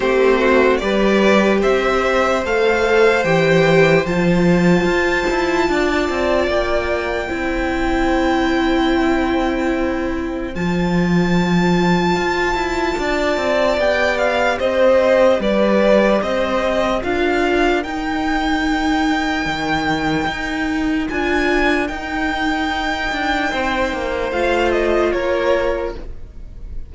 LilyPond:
<<
  \new Staff \with { instrumentName = "violin" } { \time 4/4 \tempo 4 = 74 c''4 d''4 e''4 f''4 | g''4 a''2. | g''1~ | g''4 a''2.~ |
a''4 g''8 f''8 dis''4 d''4 | dis''4 f''4 g''2~ | g''2 gis''4 g''4~ | g''2 f''8 dis''8 cis''4 | }
  \new Staff \with { instrumentName = "violin" } { \time 4/4 g'8 fis'8 b'4 c''2~ | c''2. d''4~ | d''4 c''2.~ | c''1 |
d''2 c''4 b'4 | c''4 ais'2.~ | ais'1~ | ais'4 c''2 ais'4 | }
  \new Staff \with { instrumentName = "viola" } { \time 4/4 c'4 g'2 a'4 | g'4 f'2.~ | f'4 e'2.~ | e'4 f'2.~ |
f'4 g'2.~ | g'4 f'4 dis'2~ | dis'2 f'4 dis'4~ | dis'2 f'2 | }
  \new Staff \with { instrumentName = "cello" } { \time 4/4 a4 g4 c'4 a4 | e4 f4 f'8 e'8 d'8 c'8 | ais4 c'2.~ | c'4 f2 f'8 e'8 |
d'8 c'8 b4 c'4 g4 | c'4 d'4 dis'2 | dis4 dis'4 d'4 dis'4~ | dis'8 d'8 c'8 ais8 a4 ais4 | }
>>